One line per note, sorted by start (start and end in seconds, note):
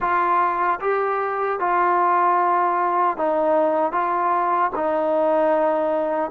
0.00 0.79 F4
0.80 1.59 G4
1.59 3.17 F4
3.17 3.92 D#4
3.92 4.70 F4
4.75 6.31 D#4